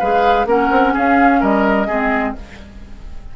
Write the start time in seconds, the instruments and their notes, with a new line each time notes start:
0.00 bassoon G#3, clarinet G#4, oboe B4, flute F5
0.46 bassoon A#3, clarinet C#4, oboe A#4, flute F#5
0.71 bassoon C4
0.94 bassoon C#4, oboe G#4, flute F5
1.41 bassoon G3, oboe A#4, flute D#5
1.88 bassoon G#3, clarinet C4, oboe G#4